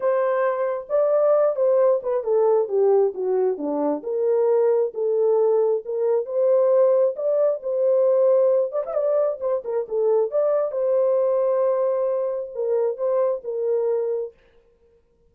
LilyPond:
\new Staff \with { instrumentName = "horn" } { \time 4/4 \tempo 4 = 134 c''2 d''4. c''8~ | c''8 b'8 a'4 g'4 fis'4 | d'4 ais'2 a'4~ | a'4 ais'4 c''2 |
d''4 c''2~ c''8 d''16 e''16 | d''4 c''8 ais'8 a'4 d''4 | c''1 | ais'4 c''4 ais'2 | }